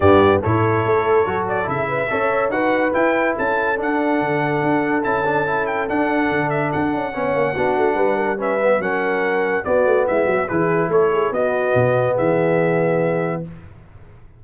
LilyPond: <<
  \new Staff \with { instrumentName = "trumpet" } { \time 4/4 \tempo 4 = 143 d''4 cis''2~ cis''8 d''8 | e''2 fis''4 g''4 | a''4 fis''2. | a''4. g''8 fis''4. e''8 |
fis''1 | e''4 fis''2 d''4 | e''4 b'4 cis''4 dis''4~ | dis''4 e''2. | }
  \new Staff \with { instrumentName = "horn" } { \time 4/4 g'4 a'2.~ | a'8 b'8 cis''4 b'2 | a'1~ | a'1~ |
a'4 cis''4 fis'4 b'8 ais'8 | b'4 ais'2 fis'4 | e'8 fis'8 gis'4 a'8 gis'8 fis'4~ | fis'4 gis'2. | }
  \new Staff \with { instrumentName = "trombone" } { \time 4/4 b4 e'2 fis'4 | e'4 a'4 fis'4 e'4~ | e'4 d'2. | e'8 d'8 e'4 d'2~ |
d'4 cis'4 d'2 | cis'8 b8 cis'2 b4~ | b4 e'2 b4~ | b1 | }
  \new Staff \with { instrumentName = "tuba" } { \time 4/4 g,4 a,4 a4 fis4 | cis4 cis'4 dis'4 e'4 | cis'4 d'4 d4 d'4 | cis'2 d'4 d4 |
d'8 cis'8 b8 ais8 b8 a8 g4~ | g4 fis2 b8 a8 | gis8 fis8 e4 a4 b4 | b,4 e2. | }
>>